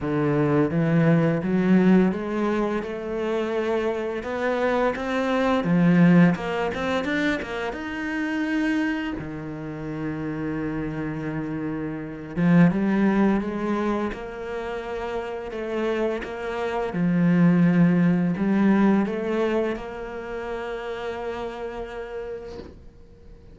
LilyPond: \new Staff \with { instrumentName = "cello" } { \time 4/4 \tempo 4 = 85 d4 e4 fis4 gis4 | a2 b4 c'4 | f4 ais8 c'8 d'8 ais8 dis'4~ | dis'4 dis2.~ |
dis4. f8 g4 gis4 | ais2 a4 ais4 | f2 g4 a4 | ais1 | }